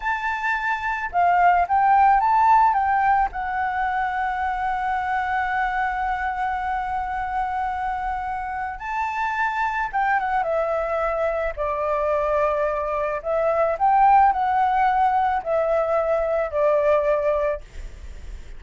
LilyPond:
\new Staff \with { instrumentName = "flute" } { \time 4/4 \tempo 4 = 109 a''2 f''4 g''4 | a''4 g''4 fis''2~ | fis''1~ | fis''1 |
a''2 g''8 fis''8 e''4~ | e''4 d''2. | e''4 g''4 fis''2 | e''2 d''2 | }